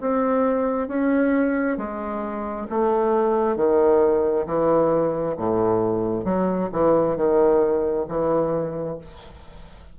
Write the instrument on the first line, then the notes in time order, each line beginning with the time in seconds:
bassoon
0.00 C4
0.88 C#4
1.77 G#3
2.69 A3
3.56 D#3
4.46 E3
5.36 A2
6.24 F#3
6.72 E3
7.16 D#3
8.08 E3